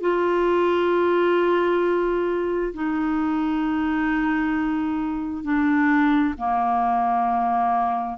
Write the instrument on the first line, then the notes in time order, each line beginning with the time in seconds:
clarinet
0.00 F4
2.73 D#4
5.43 D4
6.37 A#3